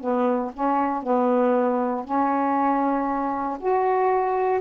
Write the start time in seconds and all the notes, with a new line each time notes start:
0.00 B3
0.53 C#4
1.03 B3
2.04 C#4
3.59 F#4